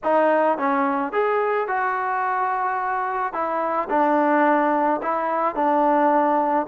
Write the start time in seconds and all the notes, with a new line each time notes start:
0.03 D#4
0.58 C#4
1.12 G#4
1.67 F#4
3.33 E4
3.89 D4
5.02 E4
5.55 D4